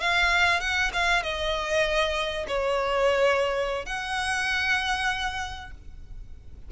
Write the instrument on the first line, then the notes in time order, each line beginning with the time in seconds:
violin
0.00 F5
0.60 F#5
0.93 F5
1.23 D#5
2.48 C#5
3.86 F#5